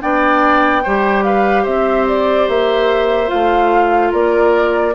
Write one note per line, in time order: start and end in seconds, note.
0.00 0.85 B3
0.00 0.82 D4
0.00 0.83 D5
0.00 1.24 G5
0.83 1.66 G3
0.83 3.28 G4
0.83 1.24 C5
1.24 1.63 B4
1.24 1.65 F5
1.63 2.48 C4
1.63 4.09 C5
1.63 2.06 E5
2.08 2.49 D5
2.48 3.30 A#3
2.48 3.30 E5
3.28 4.13 A3
3.28 4.92 F4
3.28 4.12 F5
4.11 4.95 A#3
4.11 4.93 A#4
4.11 4.95 D5